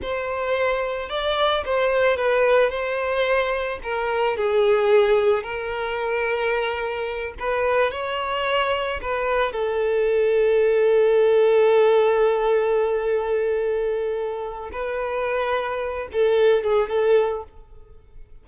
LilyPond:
\new Staff \with { instrumentName = "violin" } { \time 4/4 \tempo 4 = 110 c''2 d''4 c''4 | b'4 c''2 ais'4 | gis'2 ais'2~ | ais'4. b'4 cis''4.~ |
cis''8 b'4 a'2~ a'8~ | a'1~ | a'2. b'4~ | b'4. a'4 gis'8 a'4 | }